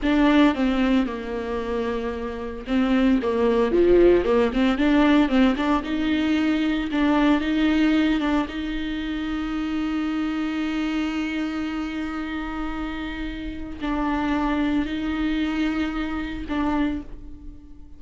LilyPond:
\new Staff \with { instrumentName = "viola" } { \time 4/4 \tempo 4 = 113 d'4 c'4 ais2~ | ais4 c'4 ais4 f4 | ais8 c'8 d'4 c'8 d'8 dis'4~ | dis'4 d'4 dis'4. d'8 |
dis'1~ | dis'1~ | dis'2 d'2 | dis'2. d'4 | }